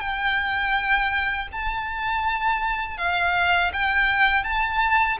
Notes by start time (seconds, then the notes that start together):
0.00 G5
1.52 A5
2.97 F5
3.73 G5
4.44 A5